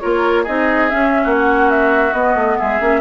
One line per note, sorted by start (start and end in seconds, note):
0.00 0.47 A#3
0.00 0.46 F4
0.00 0.43 A#4
0.00 0.44 C#5
0.43 0.92 C4
0.43 0.90 D#4
0.43 1.21 G#4
0.43 0.89 D#5
0.89 2.12 C#4
0.89 1.25 C#4
0.89 1.34 E5
1.24 2.13 A#3
1.24 2.57 F#4
1.38 1.70 F#5
1.70 2.13 E5
2.13 2.35 B3
2.13 2.80 B3
2.13 2.57 D#5
2.35 2.57 A3
2.58 2.80 G#3
2.58 3.01 G#4
2.58 3.01 E5
2.80 3.01 A#3
2.80 3.01 C#4